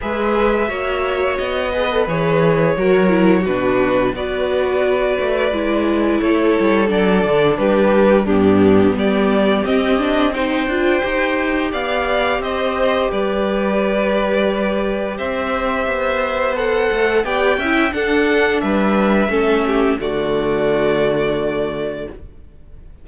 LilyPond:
<<
  \new Staff \with { instrumentName = "violin" } { \time 4/4 \tempo 4 = 87 e''2 dis''4 cis''4~ | cis''4 b'4 d''2~ | d''4 cis''4 d''4 b'4 | g'4 d''4 dis''4 g''4~ |
g''4 f''4 dis''4 d''4~ | d''2 e''2 | fis''4 g''4 fis''4 e''4~ | e''4 d''2. | }
  \new Staff \with { instrumentName = "violin" } { \time 4/4 b'4 cis''4. b'4. | ais'4 fis'4 b'2~ | b'4 a'2 g'4 | d'4 g'2 c''4~ |
c''4 d''4 c''4 b'4~ | b'2 c''2~ | c''4 d''8 e''8 a'4 b'4 | a'8 g'8 fis'2. | }
  \new Staff \with { instrumentName = "viola" } { \time 4/4 gis'4 fis'4. gis'16 a'16 gis'4 | fis'8 e'8 d'4 fis'2 | e'2 d'2 | b2 c'8 d'8 dis'8 f'8 |
g'1~ | g'1 | a'4 g'8 e'8 d'2 | cis'4 a2. | }
  \new Staff \with { instrumentName = "cello" } { \time 4/4 gis4 ais4 b4 e4 | fis4 b,4 b4. a8 | gis4 a8 g8 fis8 d8 g4 | g,4 g4 c'4. d'8 |
dis'4 b4 c'4 g4~ | g2 c'4 b4~ | b8 a8 b8 cis'8 d'4 g4 | a4 d2. | }
>>